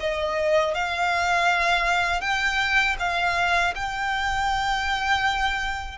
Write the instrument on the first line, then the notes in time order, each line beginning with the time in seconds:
violin
0.00 D#5
0.74 F5
2.21 G5
2.99 F5
3.75 G5